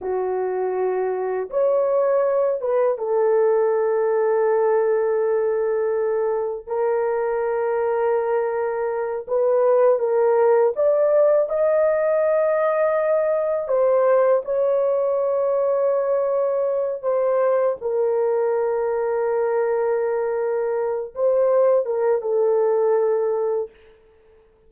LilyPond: \new Staff \with { instrumentName = "horn" } { \time 4/4 \tempo 4 = 81 fis'2 cis''4. b'8 | a'1~ | a'4 ais'2.~ | ais'8 b'4 ais'4 d''4 dis''8~ |
dis''2~ dis''8 c''4 cis''8~ | cis''2. c''4 | ais'1~ | ais'8 c''4 ais'8 a'2 | }